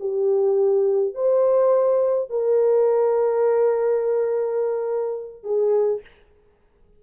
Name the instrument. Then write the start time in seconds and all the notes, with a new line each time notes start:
horn
0.00 G4
1.15 C5
2.30 A#4
5.44 G#4